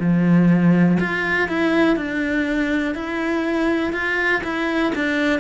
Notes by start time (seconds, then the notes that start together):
0.00 F3
1.00 F4
1.48 E4
1.97 D4
2.95 E4
3.93 F4
4.44 E4
4.95 D4